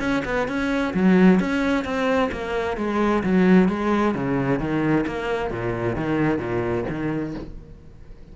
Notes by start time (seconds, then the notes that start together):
0.00 C#4
0.25 B3
0.48 C#4
0.94 F#3
1.40 C#4
1.85 C4
2.32 A#3
2.77 G#3
3.24 F#3
3.69 G#3
4.15 C#3
4.59 D#3
5.07 A#3
5.51 A#2
5.96 D#3
6.39 A#2
6.89 D#3